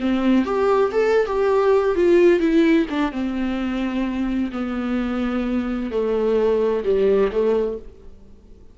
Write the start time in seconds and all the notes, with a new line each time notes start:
0.00 C4
0.45 G4
0.92 A4
1.26 G4
1.96 F4
2.40 E4
2.90 D4
3.12 C4
4.52 B3
5.91 A3
6.84 G3
7.32 A3